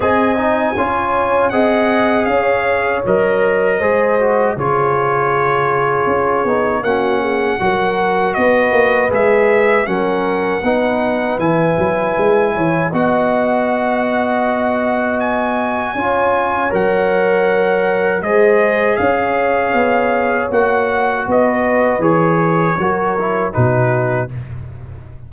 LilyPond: <<
  \new Staff \with { instrumentName = "trumpet" } { \time 4/4 \tempo 4 = 79 gis''2 fis''4 f''4 | dis''2 cis''2~ | cis''4 fis''2 dis''4 | e''4 fis''2 gis''4~ |
gis''4 fis''2. | gis''2 fis''2 | dis''4 f''2 fis''4 | dis''4 cis''2 b'4 | }
  \new Staff \with { instrumentName = "horn" } { \time 4/4 dis''4 cis''4 dis''4 cis''4~ | cis''4 c''4 gis'2~ | gis'4 fis'8 gis'8 ais'4 b'4~ | b'4 ais'4 b'2~ |
b'8 cis''8 dis''2.~ | dis''4 cis''2. | c''4 cis''2. | b'2 ais'4 fis'4 | }
  \new Staff \with { instrumentName = "trombone" } { \time 4/4 gis'8 dis'8 f'4 gis'2 | ais'4 gis'8 fis'8 f'2~ | f'8 dis'8 cis'4 fis'2 | gis'4 cis'4 dis'4 e'4~ |
e'4 fis'2.~ | fis'4 f'4 ais'2 | gis'2. fis'4~ | fis'4 gis'4 fis'8 e'8 dis'4 | }
  \new Staff \with { instrumentName = "tuba" } { \time 4/4 c'4 cis'4 c'4 cis'4 | fis4 gis4 cis2 | cis'8 b8 ais4 fis4 b8 ais8 | gis4 fis4 b4 e8 fis8 |
gis8 e8 b2.~ | b4 cis'4 fis2 | gis4 cis'4 b4 ais4 | b4 e4 fis4 b,4 | }
>>